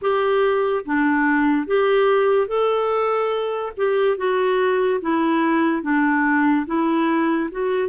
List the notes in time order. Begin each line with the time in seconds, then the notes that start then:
0.01 G4
0.85 D4
1.67 G4
2.47 A4
3.76 G4
4.17 F#4
5.01 E4
5.82 D4
6.66 E4
7.51 F#4